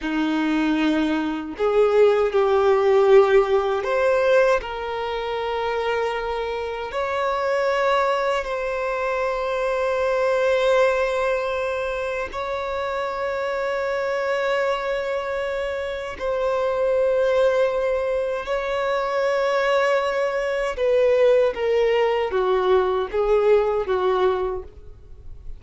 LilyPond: \new Staff \with { instrumentName = "violin" } { \time 4/4 \tempo 4 = 78 dis'2 gis'4 g'4~ | g'4 c''4 ais'2~ | ais'4 cis''2 c''4~ | c''1 |
cis''1~ | cis''4 c''2. | cis''2. b'4 | ais'4 fis'4 gis'4 fis'4 | }